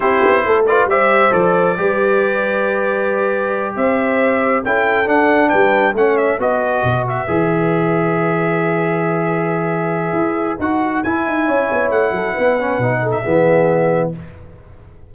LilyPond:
<<
  \new Staff \with { instrumentName = "trumpet" } { \time 4/4 \tempo 4 = 136 c''4. d''8 e''4 d''4~ | d''1~ | d''8 e''2 g''4 fis''8~ | fis''8 g''4 fis''8 e''8 dis''4. |
e''1~ | e''1 | fis''4 gis''2 fis''4~ | fis''4.~ fis''16 e''2~ e''16 | }
  \new Staff \with { instrumentName = "horn" } { \time 4/4 g'4 a'8 b'8 c''2 | b'1~ | b'8 c''2 a'4.~ | a'8 b'4 cis''4 b'4.~ |
b'1~ | b'1~ | b'2 cis''4. a'8 | b'4. a'8 gis'2 | }
  \new Staff \with { instrumentName = "trombone" } { \time 4/4 e'4. f'8 g'4 a'4 | g'1~ | g'2~ g'8 e'4 d'8~ | d'4. cis'4 fis'4.~ |
fis'8 gis'2.~ gis'8~ | gis'1 | fis'4 e'2.~ | e'8 cis'8 dis'4 b2 | }
  \new Staff \with { instrumentName = "tuba" } { \time 4/4 c'8 b8 a4 g4 f4 | g1~ | g8 c'2 cis'4 d'8~ | d'8 g4 a4 b4 b,8~ |
b,8 e2.~ e8~ | e2. e'4 | dis'4 e'8 dis'8 cis'8 b8 a8 fis8 | b4 b,4 e2 | }
>>